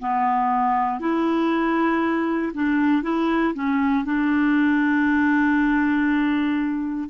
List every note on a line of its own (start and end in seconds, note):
0.00 1.00 B3
1.00 2.53 E4
2.54 3.03 D4
3.03 3.54 E4
3.55 4.05 C#4
4.05 7.10 D4